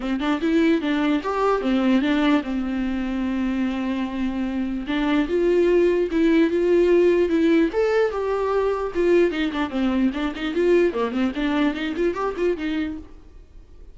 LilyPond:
\new Staff \with { instrumentName = "viola" } { \time 4/4 \tempo 4 = 148 c'8 d'8 e'4 d'4 g'4 | c'4 d'4 c'2~ | c'1 | d'4 f'2 e'4 |
f'2 e'4 a'4 | g'2 f'4 dis'8 d'8 | c'4 d'8 dis'8 f'4 ais8 c'8 | d'4 dis'8 f'8 g'8 f'8 dis'4 | }